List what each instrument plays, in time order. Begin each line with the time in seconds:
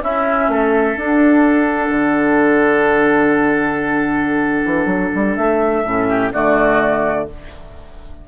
0.00 clarinet C#4, bassoon C#4, oboe E4, flute E5
0.48 bassoon A3, oboe A4
0.95 clarinet D4, bassoon D4, flute F#5
1.89 bassoon D3
4.64 bassoon E3
4.85 bassoon F#3
5.14 bassoon G3
5.35 bassoon A3, flute E5
5.84 bassoon A2, clarinet C#4
6.08 oboe G4
6.32 bassoon D3, clarinet A3, oboe F#4, flute D5